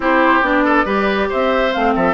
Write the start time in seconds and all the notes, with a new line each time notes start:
0.00 C4 E4 G4 C5
0.41 B3 D4 D5
0.64 A4
0.85 G3 G4 B4
1.29 C4 C5 E5
1.73 A3 C4 F5
1.95 F3 A4 E5